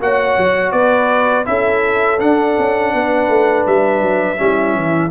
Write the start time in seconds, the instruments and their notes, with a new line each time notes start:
0.00 tuba A#3, trombone F#4, horn C#5, trumpet F#5
0.38 tuba F#3
0.72 tuba B3, horn B4, trumpet D5
1.45 tuba C#4, trombone E4, horn A4, trumpet E5
2.19 trombone D4, tuba D4, trumpet F#5
2.59 tuba C#4
2.93 tuba B3, horn B4
3.29 tuba A3
3.67 tuba G3, trumpet E5
4.02 tuba F#3
4.37 tuba G3, trombone C#4, horn E4
4.75 tuba E3